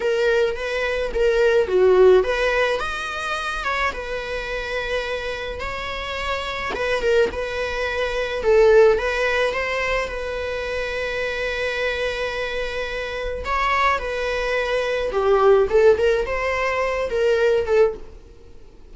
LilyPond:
\new Staff \with { instrumentName = "viola" } { \time 4/4 \tempo 4 = 107 ais'4 b'4 ais'4 fis'4 | b'4 dis''4. cis''8 b'4~ | b'2 cis''2 | b'8 ais'8 b'2 a'4 |
b'4 c''4 b'2~ | b'1 | cis''4 b'2 g'4 | a'8 ais'8 c''4. ais'4 a'8 | }